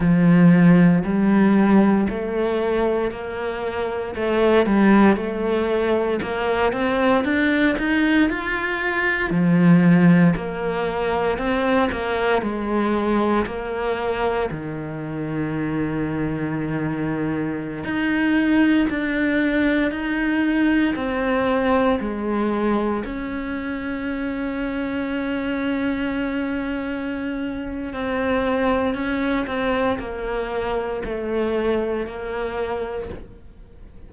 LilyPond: \new Staff \with { instrumentName = "cello" } { \time 4/4 \tempo 4 = 58 f4 g4 a4 ais4 | a8 g8 a4 ais8 c'8 d'8 dis'8 | f'4 f4 ais4 c'8 ais8 | gis4 ais4 dis2~ |
dis4~ dis16 dis'4 d'4 dis'8.~ | dis'16 c'4 gis4 cis'4.~ cis'16~ | cis'2. c'4 | cis'8 c'8 ais4 a4 ais4 | }